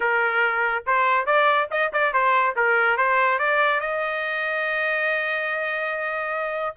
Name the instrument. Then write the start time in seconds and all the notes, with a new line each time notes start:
trumpet
0.00 A#4
0.86 C5
1.26 D5
1.70 D#5
1.92 D5
2.13 C5
2.56 A#4
2.97 C5
3.38 D5
3.80 D#5